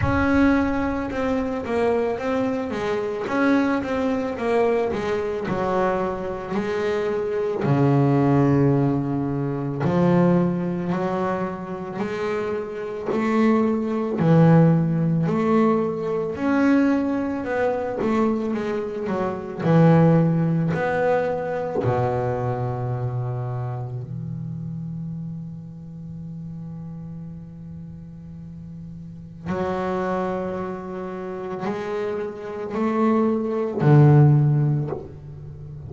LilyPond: \new Staff \with { instrumentName = "double bass" } { \time 4/4 \tempo 4 = 55 cis'4 c'8 ais8 c'8 gis8 cis'8 c'8 | ais8 gis8 fis4 gis4 cis4~ | cis4 f4 fis4 gis4 | a4 e4 a4 cis'4 |
b8 a8 gis8 fis8 e4 b4 | b,2 e2~ | e2. fis4~ | fis4 gis4 a4 d4 | }